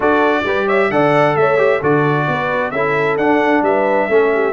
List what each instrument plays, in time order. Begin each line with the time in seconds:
0.00 tuba D4, trombone F#4, horn A4, trumpet D5
0.44 tuba G3, trombone G4, horn B4
0.66 horn C#5, trumpet E5
0.90 tuba D3, trombone A4, horn D5, trumpet F#5
1.36 tuba A3, horn C#5, trumpet E5
1.57 trombone G4
1.81 tuba D3, trombone F#4, horn A4, trumpet D5
2.27 tuba B3, horn B4
2.70 tuba C#4, trombone E4, horn A4, trumpet E5
3.17 tuba D4, trombone D4, trumpet F#5
3.62 tuba G3, horn B4, trumpet E5
4.09 tuba A3, trombone C#4, horn A4
4.34 horn G4